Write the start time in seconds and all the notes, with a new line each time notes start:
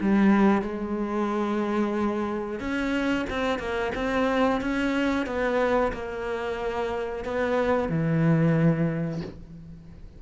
0.00 G3
0.62 G#3
2.60 C#4
3.29 C4
3.59 A#3
3.95 C4
4.61 C#4
5.26 B3
5.92 A#3
7.24 B3
7.89 E3